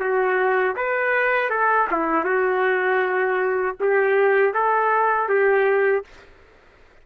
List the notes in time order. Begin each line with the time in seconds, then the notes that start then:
0.00 F#4
0.76 B4
1.50 A4
1.91 E4
2.24 F#4
3.80 G4
4.54 A4
5.29 G4